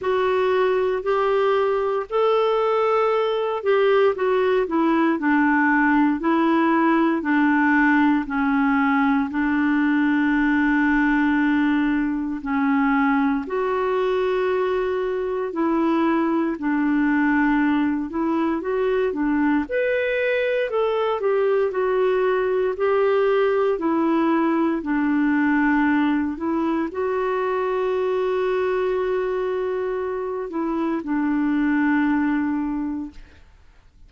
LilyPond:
\new Staff \with { instrumentName = "clarinet" } { \time 4/4 \tempo 4 = 58 fis'4 g'4 a'4. g'8 | fis'8 e'8 d'4 e'4 d'4 | cis'4 d'2. | cis'4 fis'2 e'4 |
d'4. e'8 fis'8 d'8 b'4 | a'8 g'8 fis'4 g'4 e'4 | d'4. e'8 fis'2~ | fis'4. e'8 d'2 | }